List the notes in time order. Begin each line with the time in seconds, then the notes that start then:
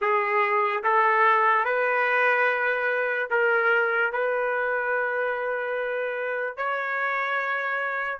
0.01 G#4
0.83 A4
1.64 B4
3.30 A#4
4.12 B4
6.56 C#5